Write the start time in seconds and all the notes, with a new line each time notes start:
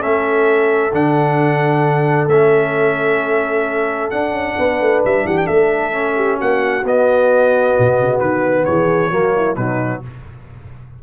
0.00 A3 C#4 A4 E5
0.92 D3 D4 F#5
2.27 A3 C#4 E5
4.10 D4 F#5
4.32 C#4
4.58 B3 B4
4.81 A3
5.05 G3 E5
5.25 E3 G4 F#5
5.38 G5
5.46 A3 A4 E5
5.92 C#4
6.16 G4
6.36 A#3 F#4 F#5
6.83 B3 D#5
7.79 B2
8.00 C#3
8.19 D#3 B4
8.65 E3 G#4 C#5
9.11 F#3 A#3 F#4
9.36 E4
9.56 B2 F#3 D#4 B4